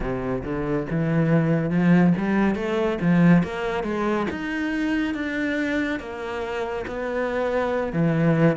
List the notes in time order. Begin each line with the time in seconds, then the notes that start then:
0.00 C3
0.43 D3
0.90 E3
1.70 F3
2.17 G3
2.55 A3
3.01 F3
3.43 A#3
3.83 G#3
4.30 D#4
5.14 D4
5.99 A#3
6.86 B3
7.92 E3